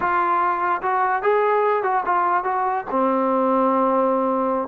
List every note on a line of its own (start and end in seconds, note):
0.00 0.81 F4
0.81 1.22 F#4
1.22 1.83 G#4
1.83 2.03 F#4
2.05 2.44 F4
2.44 2.85 F#4
2.90 4.68 C4